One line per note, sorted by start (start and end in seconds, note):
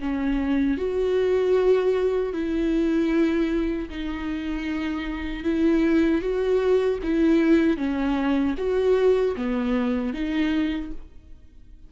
0.00 0.78 C#4
0.78 2.33 F#4
2.33 3.89 E4
3.90 5.44 D#4
5.44 6.22 E4
6.22 7.00 F#4
7.03 7.77 E4
7.77 8.55 C#4
8.58 9.36 F#4
9.36 10.14 B3
10.14 10.92 D#4